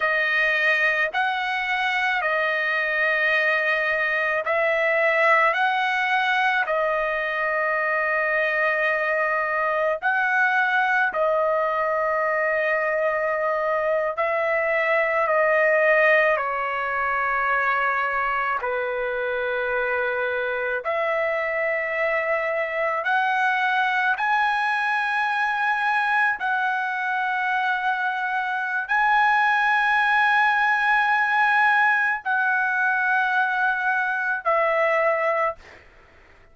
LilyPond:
\new Staff \with { instrumentName = "trumpet" } { \time 4/4 \tempo 4 = 54 dis''4 fis''4 dis''2 | e''4 fis''4 dis''2~ | dis''4 fis''4 dis''2~ | dis''8. e''4 dis''4 cis''4~ cis''16~ |
cis''8. b'2 e''4~ e''16~ | e''8. fis''4 gis''2 fis''16~ | fis''2 gis''2~ | gis''4 fis''2 e''4 | }